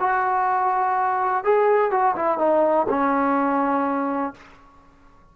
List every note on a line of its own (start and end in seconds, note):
0.00 1.44 F#4
1.44 1.91 G#4
1.91 2.15 F#4
2.16 2.38 E4
2.38 2.87 D#4
2.89 4.34 C#4